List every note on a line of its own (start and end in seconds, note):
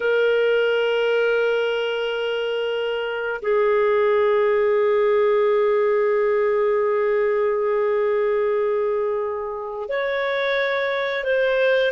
0.00 3.41 A#4
3.42 9.88 G#4
9.88 11.23 C#5
11.23 11.91 C5